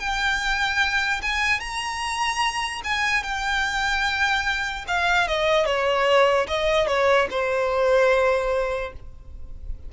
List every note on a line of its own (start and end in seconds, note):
0.00 1.22 G5
1.22 1.60 G#5
1.60 2.82 A#5
2.85 3.24 G#5
3.24 4.86 G5
4.88 5.28 F5
5.28 5.66 D#5
5.66 6.47 C#5
6.48 6.88 D#5
6.88 7.28 C#5
7.31 8.93 C5